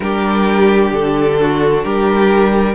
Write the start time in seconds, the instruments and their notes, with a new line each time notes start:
0.00 cello G3, viola D4, violin G4 A#4
0.91 cello D3, violin A4
1.41 violin F#4
1.83 cello G3, violin G4 A#4